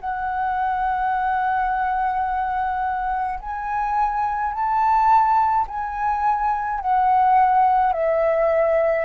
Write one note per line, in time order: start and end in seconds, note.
0.00 3.40 F#5
3.40 4.53 G#5
4.53 5.66 A5
5.68 6.81 G#5
6.81 7.93 F#5
7.93 9.05 E5